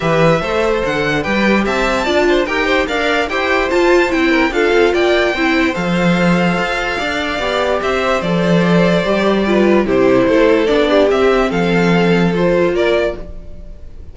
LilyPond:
<<
  \new Staff \with { instrumentName = "violin" } { \time 4/4 \tempo 4 = 146 e''2 fis''4 g''4 | a''2 g''4 f''4 | g''4 a''4 g''4 f''4 | g''2 f''2~ |
f''2. e''4 | d''1 | c''2 d''4 e''4 | f''2 c''4 d''4 | }
  \new Staff \with { instrumentName = "violin" } { \time 4/4 b'4 c''2 b'4 | e''4 d''8 c''8 ais'8 c''8 d''4 | c''2~ c''8 ais'8 a'4 | d''4 c''2.~ |
c''4 d''2 c''4~ | c''2. b'4 | g'4 a'4. g'4. | a'2. ais'4 | }
  \new Staff \with { instrumentName = "viola" } { \time 4/4 g'4 a'2 g'4~ | g'4 f'4 g'4 ais'4 | g'4 f'4 e'4 f'4~ | f'4 e'4 a'2~ |
a'2 g'2 | a'2 g'4 f'4 | e'2 d'4 c'4~ | c'2 f'2 | }
  \new Staff \with { instrumentName = "cello" } { \time 4/4 e4 a4 d4 g4 | c'4 d'4 dis'4 d'4 | e'4 f'4 c'4 d'8 c'8 | ais4 c'4 f2 |
f'4 d'4 b4 c'4 | f2 g2 | c4 a4 b4 c'4 | f2. ais4 | }
>>